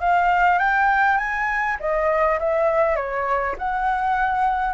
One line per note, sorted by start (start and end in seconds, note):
0.00 0.58 F5
0.58 1.17 G5
1.17 1.77 G#5
1.80 2.39 D#5
2.39 2.96 E5
2.96 3.55 C#5
3.58 4.74 F#5